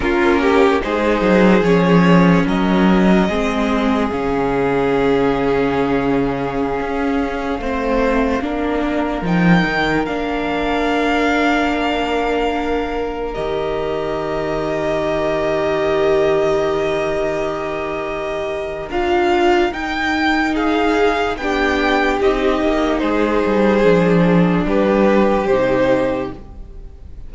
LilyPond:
<<
  \new Staff \with { instrumentName = "violin" } { \time 4/4 \tempo 4 = 73 ais'4 c''4 cis''4 dis''4~ | dis''4 f''2.~ | f''2.~ f''16 g''8.~ | g''16 f''2.~ f''8.~ |
f''16 dis''2.~ dis''8.~ | dis''2. f''4 | g''4 f''4 g''4 dis''4 | c''2 b'4 c''4 | }
  \new Staff \with { instrumentName = "violin" } { \time 4/4 f'8 g'8 gis'2 ais'4 | gis'1~ | gis'4~ gis'16 c''4 ais'4.~ ais'16~ | ais'1~ |
ais'1~ | ais'1~ | ais'4 gis'4 g'2 | gis'2 g'2 | }
  \new Staff \with { instrumentName = "viola" } { \time 4/4 cis'4 dis'4 cis'2 | c'4 cis'2.~ | cis'4~ cis'16 c'4 d'4 dis'8.~ | dis'16 d'2.~ d'8.~ |
d'16 g'2.~ g'8.~ | g'2. f'4 | dis'2 d'4 dis'4~ | dis'4 d'2 dis'4 | }
  \new Staff \with { instrumentName = "cello" } { \time 4/4 ais4 gis8 fis8 f4 fis4 | gis4 cis2.~ | cis16 cis'4 a4 ais4 f8 dis16~ | dis16 ais2.~ ais8.~ |
ais16 dis2.~ dis8.~ | dis2. d'4 | dis'2 b4 c'8 ais8 | gis8 g8 f4 g4 c4 | }
>>